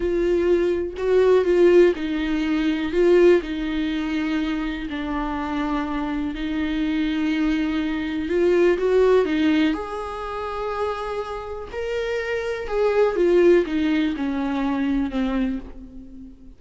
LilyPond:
\new Staff \with { instrumentName = "viola" } { \time 4/4 \tempo 4 = 123 f'2 fis'4 f'4 | dis'2 f'4 dis'4~ | dis'2 d'2~ | d'4 dis'2.~ |
dis'4 f'4 fis'4 dis'4 | gis'1 | ais'2 gis'4 f'4 | dis'4 cis'2 c'4 | }